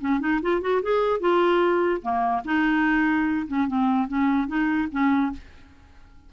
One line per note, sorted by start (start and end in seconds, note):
0.00 0.20 C#4
0.20 0.40 D#4
0.42 0.61 F4
0.61 0.81 F#4
0.82 1.20 G#4
1.20 2.01 F4
2.02 2.42 A#3
2.45 3.47 D#4
3.47 3.67 C#4
3.67 4.08 C4
4.08 4.47 C#4
4.47 4.88 D#4
4.91 5.32 C#4